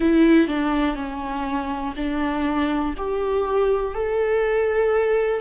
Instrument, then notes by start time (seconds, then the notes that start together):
viola
0.00 E4
0.47 D4
0.95 C#4
1.95 D4
2.97 G4
3.94 A4